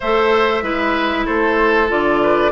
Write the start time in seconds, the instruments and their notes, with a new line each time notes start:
0.00 bassoon A3, clarinet A4, oboe C5, flute E5
0.62 bassoon G#3, clarinet E4, oboe B4
1.25 bassoon A3, oboe A4, flute C5
1.88 bassoon D3, clarinet F4, flute D5
2.22 oboe B4